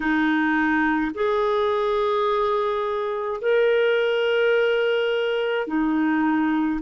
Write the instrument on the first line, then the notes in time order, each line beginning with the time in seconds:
clarinet
0.00 D#4
1.14 G#4
3.41 A#4
5.67 D#4